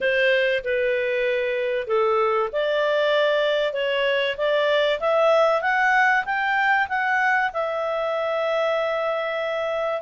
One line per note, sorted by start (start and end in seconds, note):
0.01 0.63 C5
0.63 1.87 B4
1.87 2.49 A4
2.52 3.73 D5
3.73 4.36 C#5
4.37 4.99 D5
5.00 5.61 E5
5.61 6.24 F#5
6.25 6.87 G5
6.88 7.51 F#5
7.53 10.01 E5